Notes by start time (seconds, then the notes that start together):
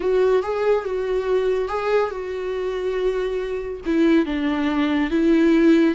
0.00 F#4
0.42 G#4
0.85 F#4
1.68 G#4
2.10 F#4
3.85 E4
4.25 D4
5.10 E4